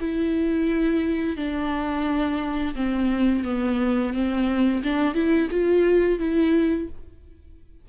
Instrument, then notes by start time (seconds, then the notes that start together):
viola
0.00 E4
1.37 D4
2.76 C4
3.45 B3
4.14 C4
4.84 D4
5.14 E4
5.51 F4
6.19 E4